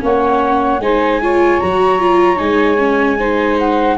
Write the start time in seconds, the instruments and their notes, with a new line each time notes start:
0.00 tuba A#3, viola C#4, saxophone C#5, flute F#5
0.79 tuba G#3, viola D#4, saxophone C5, flute G#5
1.21 viola F4, saxophone C#5
1.60 tuba F#3, viola F#4, flute A#5
1.99 viola F4
2.36 tuba G#3, viola D#4, flute G#5
2.78 viola C#4
3.18 viola D#4, saxophone C5
3.58 flute F#5